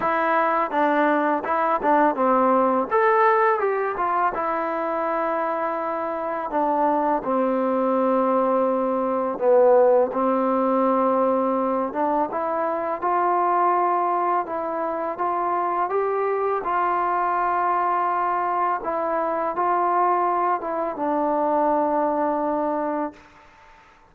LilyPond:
\new Staff \with { instrumentName = "trombone" } { \time 4/4 \tempo 4 = 83 e'4 d'4 e'8 d'8 c'4 | a'4 g'8 f'8 e'2~ | e'4 d'4 c'2~ | c'4 b4 c'2~ |
c'8 d'8 e'4 f'2 | e'4 f'4 g'4 f'4~ | f'2 e'4 f'4~ | f'8 e'8 d'2. | }